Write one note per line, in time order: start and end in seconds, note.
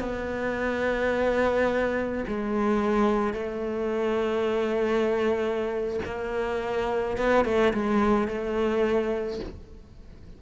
0.00 2.24 B3
2.28 3.34 G#3
3.34 6.00 A3
6.05 7.17 A#3
7.18 7.45 B3
7.45 7.73 A3
7.74 8.28 G#3
8.28 9.40 A3